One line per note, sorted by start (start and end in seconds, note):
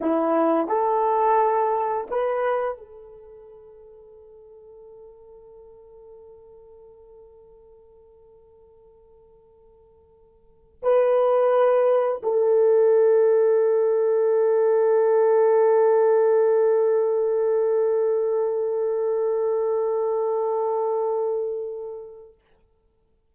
0.00 0.68 E4
0.68 2.07 A4
2.10 2.77 B4
2.77 10.79 A4
10.82 12.21 B4
12.22 22.34 A4